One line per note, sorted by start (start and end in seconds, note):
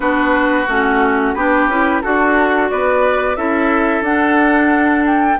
0.00 0.66 B3
0.00 0.65 D4
0.00 1.34 F#4
0.00 0.67 B4
0.67 1.34 A3
0.67 1.36 C#4
0.67 1.34 F#4
1.34 1.67 B3
1.34 1.70 D4
1.34 2.02 G4
1.34 2.01 B4
1.67 2.01 C#4
1.67 2.02 E4
2.01 2.72 D4
2.01 3.36 F#4
2.01 2.71 F#4
2.01 2.69 A4
2.69 3.36 B3
2.69 3.37 B4
2.69 3.36 D5
3.36 4.01 C#4
3.36 4.03 E4
3.36 5.39 A4
3.36 4.03 E5
4.01 5.36 D4
4.01 5.39 D4
4.01 5.05 F#5
5.06 5.39 G5